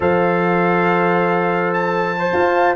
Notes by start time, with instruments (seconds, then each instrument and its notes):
0.00 tuba F3, trombone A4, horn C5, trumpet F5
1.73 trumpet A5
2.18 trombone C5
2.33 tuba F4, horn F5